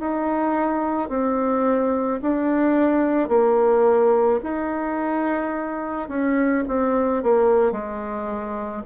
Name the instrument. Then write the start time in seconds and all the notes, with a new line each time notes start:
bassoon
0.00 D#4
1.09 C4
2.22 D4
3.28 A#3
4.43 D#4
6.09 C#4
6.68 C4
7.23 A#3
7.72 G#3